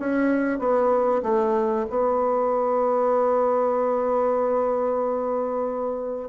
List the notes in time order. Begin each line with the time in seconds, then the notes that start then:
0.00 C#4
0.59 B3
1.23 A3
1.90 B3